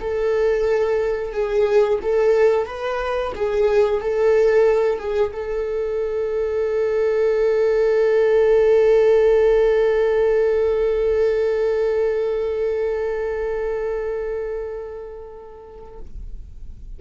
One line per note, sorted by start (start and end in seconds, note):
0.00 1.32 A4
1.32 1.99 G#4
2.02 2.66 A4
2.66 3.33 B4
3.35 4.01 G#4
4.01 4.98 A4
4.98 5.32 G#4
5.33 16.00 A4